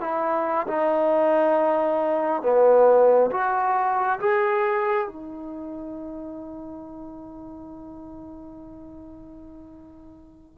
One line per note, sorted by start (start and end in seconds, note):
0.00 0.66 E4
0.67 2.42 D#4
2.42 3.30 B3
3.30 4.19 F#4
4.19 5.07 G#4
5.07 10.58 D#4